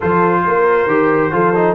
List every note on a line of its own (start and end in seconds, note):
0.00 0.45 F3
0.00 0.88 F4
0.00 0.42 A4
0.00 1.75 C5
0.45 0.86 A#3
0.45 1.33 A#4
0.86 1.30 D#3
0.86 1.32 G4
1.32 1.75 F3
1.32 1.54 F4
1.32 1.75 A4
1.54 1.75 D#4